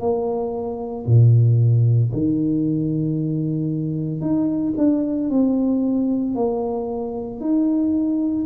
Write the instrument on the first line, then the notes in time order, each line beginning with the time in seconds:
tuba
0.00 A#3
1.06 A#2
2.12 D#3
4.21 D#4
4.77 D4
5.30 C4
6.34 A#3
7.40 D#4